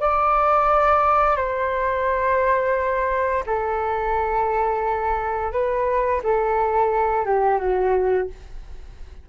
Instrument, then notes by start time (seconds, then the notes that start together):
flute
0.00 D5
1.36 C5
3.46 A4
5.52 B4
6.23 A4
7.25 G4
7.58 F#4